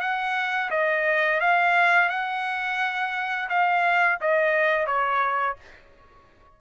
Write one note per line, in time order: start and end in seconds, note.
0.00 0.70 F#5
0.70 1.40 D#5
1.40 2.09 F5
2.09 3.49 F#5
3.49 4.19 F5
4.21 4.86 D#5
4.86 5.56 C#5